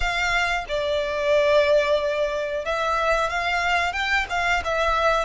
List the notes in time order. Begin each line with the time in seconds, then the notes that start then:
0.00 F5
0.68 D5
2.65 E5
3.29 F5
3.93 G5
4.29 F5
4.64 E5